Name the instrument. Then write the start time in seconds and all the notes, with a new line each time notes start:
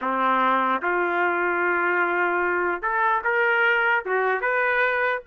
trumpet
0.01 C4
0.82 F4
2.82 A4
3.23 A#4
4.05 F#4
4.41 B4